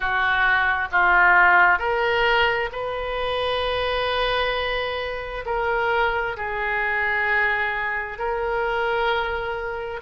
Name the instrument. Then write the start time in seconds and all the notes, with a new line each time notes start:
oboe
0.00 F#4
0.91 F4
1.79 A#4
2.71 B4
5.45 A#4
6.36 G#4
8.18 A#4